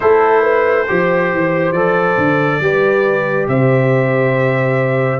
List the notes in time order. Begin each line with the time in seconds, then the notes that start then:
0.00 A3 E4 A4 C5
0.41 B4
0.87 F3 G4 C5
1.33 E3
1.72 F3 A4 D5
2.17 D3
2.60 G3 G4 B4
3.47 C3 C5 E5